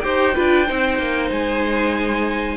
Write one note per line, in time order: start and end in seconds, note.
0.00 0.36 D#4
0.00 0.34 G4
0.00 0.34 C5
0.00 1.28 G5
0.34 0.70 D4
0.34 0.66 F4
0.34 0.66 B4
0.66 0.98 C4
0.66 2.57 D#4
0.66 2.57 C5
0.98 1.30 A#3
1.30 2.57 G#3
1.30 2.57 G#5